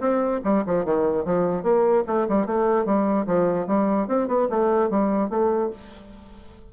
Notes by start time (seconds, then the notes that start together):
0.00 C4
0.44 G3
0.66 F3
0.85 D#3
1.25 F3
1.63 A#3
2.07 A3
2.28 G3
2.46 A3
2.85 G3
3.27 F3
3.67 G3
4.07 C4
4.28 B3
4.50 A3
4.90 G3
5.30 A3